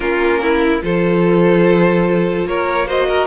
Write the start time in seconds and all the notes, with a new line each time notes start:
0.00 A#3 C#4 F4 A#4
0.42 E4
0.81 F3 F4 A4 C5
2.45 A#3 A#4 C#5
2.86 F#4 C5 D#5
3.08 A#4